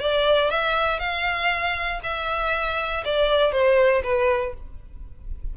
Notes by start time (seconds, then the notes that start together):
0.00 D5
0.51 E5
0.99 F5
2.04 E5
3.05 D5
3.52 C5
4.03 B4